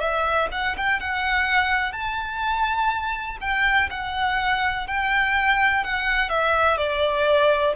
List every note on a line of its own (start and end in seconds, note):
0.00 0.48 E5
0.51 0.76 F#5
0.77 1.00 G5
1.00 1.92 F#5
1.92 3.37 A5
3.41 3.89 G5
3.90 4.87 F#5
4.87 5.84 G5
5.84 6.29 F#5
6.29 6.77 E5
6.77 7.74 D5